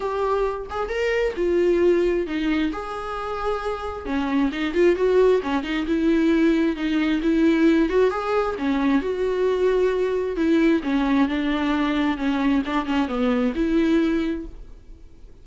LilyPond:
\new Staff \with { instrumentName = "viola" } { \time 4/4 \tempo 4 = 133 g'4. gis'8 ais'4 f'4~ | f'4 dis'4 gis'2~ | gis'4 cis'4 dis'8 f'8 fis'4 | cis'8 dis'8 e'2 dis'4 |
e'4. fis'8 gis'4 cis'4 | fis'2. e'4 | cis'4 d'2 cis'4 | d'8 cis'8 b4 e'2 | }